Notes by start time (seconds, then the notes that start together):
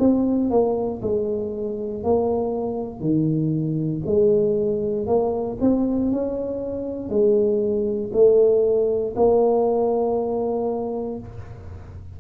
0.00 C4
0.51 A#3
1.03 G#3
2.04 A#3
3.00 D#3
4.06 G#3
5.07 A#3
5.61 C4
6.12 C#4
7.10 G#3
8.14 A3
9.16 A#3